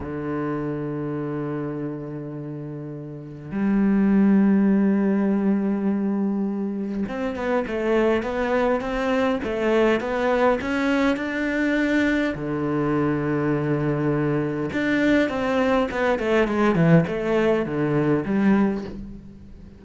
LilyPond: \new Staff \with { instrumentName = "cello" } { \time 4/4 \tempo 4 = 102 d1~ | d2 g2~ | g1 | c'8 b8 a4 b4 c'4 |
a4 b4 cis'4 d'4~ | d'4 d2.~ | d4 d'4 c'4 b8 a8 | gis8 e8 a4 d4 g4 | }